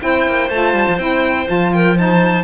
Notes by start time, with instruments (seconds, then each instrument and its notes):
0.00 cello C4, saxophone E4, clarinet C5, violin G5
0.27 cello A#3
0.49 cello A3, saxophone F4, violin A5
0.74 cello G3
0.88 cello F3
0.98 cello C4, saxophone E4, violin G5
1.46 cello F3, saxophone F4, violin A5
1.73 clarinet A#4, violin G5
1.96 saxophone D#4, clarinet C5, violin A5